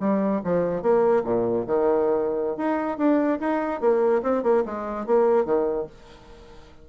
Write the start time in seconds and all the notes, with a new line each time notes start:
0.00 G3
0.44 F3
0.82 A#3
1.24 A#2
1.67 D#3
2.57 D#4
2.98 D4
3.40 D#4
3.81 A#3
4.23 C4
4.43 A#3
4.66 G#3
5.06 A#3
5.45 D#3